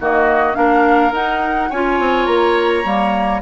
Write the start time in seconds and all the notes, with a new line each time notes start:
0.00 D#3 A#3 F#4 D#5
0.55 A#3 D4 A#4 F5
1.12 D#4 F#5
1.70 C#4 F4 C#5 G#5
2.00 C4
2.26 A#3 A#5
2.85 G3 A#3